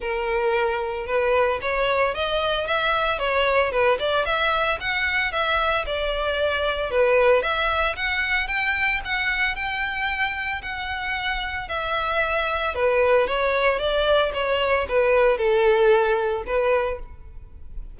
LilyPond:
\new Staff \with { instrumentName = "violin" } { \time 4/4 \tempo 4 = 113 ais'2 b'4 cis''4 | dis''4 e''4 cis''4 b'8 d''8 | e''4 fis''4 e''4 d''4~ | d''4 b'4 e''4 fis''4 |
g''4 fis''4 g''2 | fis''2 e''2 | b'4 cis''4 d''4 cis''4 | b'4 a'2 b'4 | }